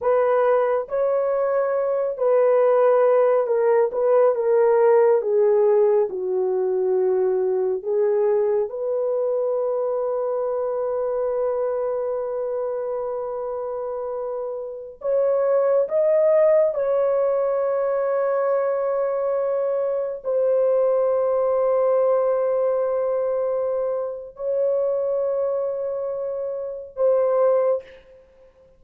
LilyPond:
\new Staff \with { instrumentName = "horn" } { \time 4/4 \tempo 4 = 69 b'4 cis''4. b'4. | ais'8 b'8 ais'4 gis'4 fis'4~ | fis'4 gis'4 b'2~ | b'1~ |
b'4~ b'16 cis''4 dis''4 cis''8.~ | cis''2.~ cis''16 c''8.~ | c''1 | cis''2. c''4 | }